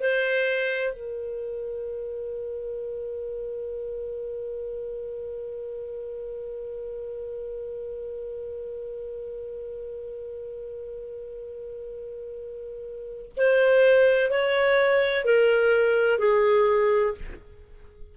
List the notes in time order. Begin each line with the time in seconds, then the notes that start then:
0.00 C5
0.93 A#4
13.37 C5
14.30 C#5
15.25 A#4
16.19 G#4